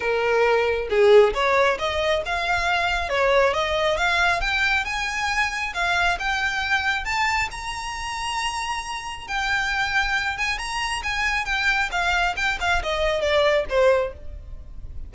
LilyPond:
\new Staff \with { instrumentName = "violin" } { \time 4/4 \tempo 4 = 136 ais'2 gis'4 cis''4 | dis''4 f''2 cis''4 | dis''4 f''4 g''4 gis''4~ | gis''4 f''4 g''2 |
a''4 ais''2.~ | ais''4 g''2~ g''8 gis''8 | ais''4 gis''4 g''4 f''4 | g''8 f''8 dis''4 d''4 c''4 | }